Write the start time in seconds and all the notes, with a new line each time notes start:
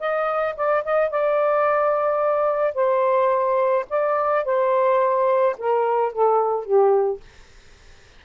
0.00 D#5
0.56 D5
0.85 D#5
1.11 D5
2.75 C5
3.90 D5
4.45 C5
5.58 A#4
6.13 A4
6.65 G4